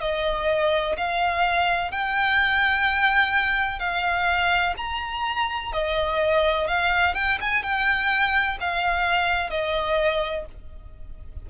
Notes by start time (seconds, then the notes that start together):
0.00 D#5
0.97 F5
1.91 G5
3.79 F5
4.77 A#5
5.72 D#5
6.67 F5
7.14 G5
7.40 G#5
7.62 G5
8.60 F5
9.50 D#5